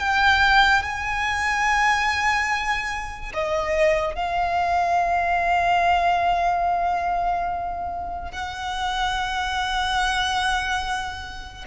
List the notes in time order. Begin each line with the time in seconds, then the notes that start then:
0.00 G5
0.83 G#5
3.34 D#5
4.16 F5
8.32 F#5